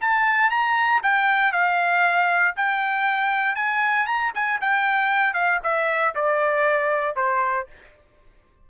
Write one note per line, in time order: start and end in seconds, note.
0.00 0.50 A5
0.50 1.01 A#5
1.03 1.52 G5
1.52 2.55 F5
2.56 3.55 G5
3.55 4.06 G#5
4.06 4.31 A#5
4.34 4.60 G#5
4.61 5.33 G5
5.33 5.59 F5
5.63 6.14 E5
6.15 7.15 D5
7.15 7.67 C5